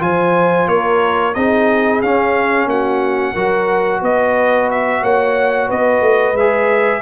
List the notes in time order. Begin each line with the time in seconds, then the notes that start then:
0.00 F3 F4 C5 G#5
0.68 A#3 A#4 C#5
1.35 C4 D#4 G#4 D#5
2.02 C#4 F5
2.67 A#3 F#4 F#5
3.34 F#3 F#4 A#4
4.02 B3 B4 D#5
4.71 E5
5.02 A#3 C#5 F#5
5.68 B3 B4 D#5
6.02 A3
6.33 G#3 E5
6.40 G#4